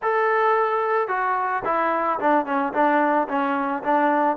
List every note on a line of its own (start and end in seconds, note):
0.02 1.08 A4
1.08 1.62 F#4
1.64 2.19 E4
2.19 2.45 D4
2.45 2.72 C#4
2.73 3.27 D4
3.28 3.82 C#4
3.83 4.36 D4